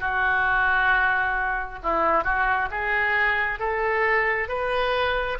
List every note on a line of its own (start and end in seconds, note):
0.00 1.79 F#4
1.83 2.24 E4
2.24 2.69 F#4
2.71 3.59 G#4
3.59 4.49 A4
4.49 5.38 B4